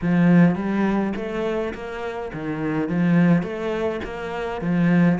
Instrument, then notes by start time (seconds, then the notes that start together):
cello
0.01 F3
0.55 G3
1.15 A3
1.74 A#3
2.33 D#3
2.88 F3
3.42 A3
4.04 A#3
4.61 F3